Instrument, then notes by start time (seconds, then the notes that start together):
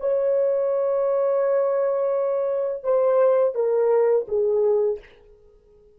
horn
0.00 C#5
2.83 C5
3.55 A#4
4.28 G#4